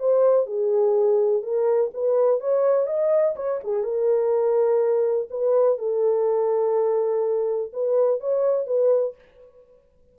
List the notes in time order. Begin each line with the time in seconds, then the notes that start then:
0.00 C5
0.46 G#4
1.43 A#4
1.94 B4
2.41 C#5
2.87 D#5
3.37 C#5
3.64 G#4
3.84 A#4
5.31 B4
5.79 A4
7.73 B4
8.21 C#5
8.67 B4